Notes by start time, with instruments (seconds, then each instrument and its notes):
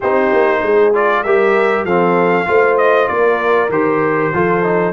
0.00 tuba C4, trombone D#4, horn G4, trumpet C5
0.32 tuba A#3
0.62 tuba G#3, horn G#4
0.93 trombone F4, trumpet D5
1.23 tuba G3, trombone G4, horn A#4, trumpet E5
1.84 tuba F3, trombone C4, horn A4, trumpet F5
2.45 tuba A3, trombone F4, horn C5
2.77 trumpet D#5
3.07 tuba A#3, horn A#4, trumpet D5
3.69 tuba D#3, trombone G4, trumpet C5
4.33 tuba F3, trombone F4, horn A4
4.63 trombone D#4